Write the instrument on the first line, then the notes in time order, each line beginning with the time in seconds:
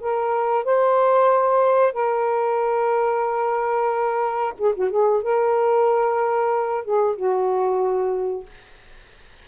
saxophone
0.00 A#4
0.64 C5
1.93 A#4
4.58 G#4
4.75 F#4
4.90 G#4
5.22 A#4
6.84 G#4
7.16 F#4